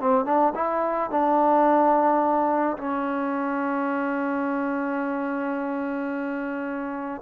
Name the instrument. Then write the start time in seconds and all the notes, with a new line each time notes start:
trombone
0.00 C4
0.26 D4
0.55 E4
1.10 D4
2.78 C#4